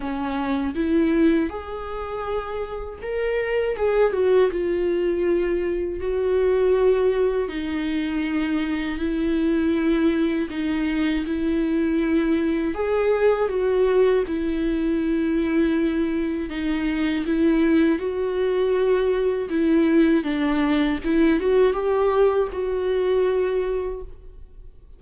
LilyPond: \new Staff \with { instrumentName = "viola" } { \time 4/4 \tempo 4 = 80 cis'4 e'4 gis'2 | ais'4 gis'8 fis'8 f'2 | fis'2 dis'2 | e'2 dis'4 e'4~ |
e'4 gis'4 fis'4 e'4~ | e'2 dis'4 e'4 | fis'2 e'4 d'4 | e'8 fis'8 g'4 fis'2 | }